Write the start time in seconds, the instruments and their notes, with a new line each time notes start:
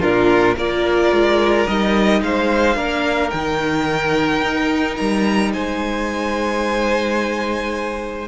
0.00 cello A#2, viola D4, violin F4 A#4
0.57 cello A#3, viola F4, violin A#4 D5
1.12 cello G#3
1.67 cello G3, viola D#4, violin D#5
2.22 cello G#3, violin C5 F5
2.76 cello A#3, viola D4, violin A#4
3.30 cello D#3, viola D#4, violin G5
4.41 cello D#4
4.97 cello G3, violin A#5
5.53 cello G#3, violin C5 G#5